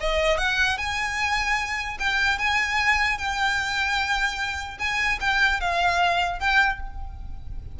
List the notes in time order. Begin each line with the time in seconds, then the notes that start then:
0.00 D#5
0.37 F#5
0.77 G#5
1.99 G5
2.38 G#5
3.18 G5
4.78 G#5
5.20 G5
5.60 F5
6.39 G5